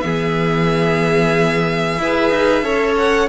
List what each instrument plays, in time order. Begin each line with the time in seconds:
0.00 cello E3, viola B3, violin G#4 E5
1.98 cello E4, viola G#4, violin B4
2.30 cello D#4
2.62 cello C#4, viola A4, violin C#5
2.97 violin F#5